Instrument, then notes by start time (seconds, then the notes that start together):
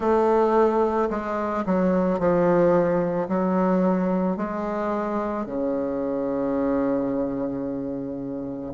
bassoon
0.00 A3
1.10 G#3
1.66 F#3
2.19 F3
3.28 F#3
4.36 G#3
5.45 C#3